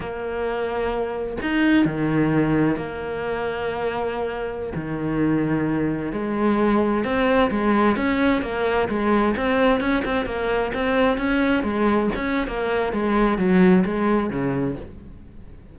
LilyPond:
\new Staff \with { instrumentName = "cello" } { \time 4/4 \tempo 4 = 130 ais2. dis'4 | dis2 ais2~ | ais2~ ais16 dis4.~ dis16~ | dis4~ dis16 gis2 c'8.~ |
c'16 gis4 cis'4 ais4 gis8.~ | gis16 c'4 cis'8 c'8 ais4 c'8.~ | c'16 cis'4 gis4 cis'8. ais4 | gis4 fis4 gis4 cis4 | }